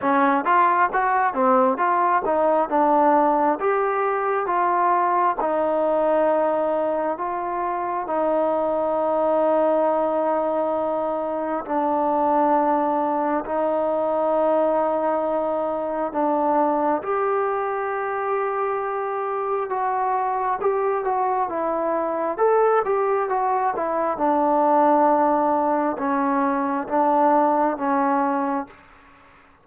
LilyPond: \new Staff \with { instrumentName = "trombone" } { \time 4/4 \tempo 4 = 67 cis'8 f'8 fis'8 c'8 f'8 dis'8 d'4 | g'4 f'4 dis'2 | f'4 dis'2.~ | dis'4 d'2 dis'4~ |
dis'2 d'4 g'4~ | g'2 fis'4 g'8 fis'8 | e'4 a'8 g'8 fis'8 e'8 d'4~ | d'4 cis'4 d'4 cis'4 | }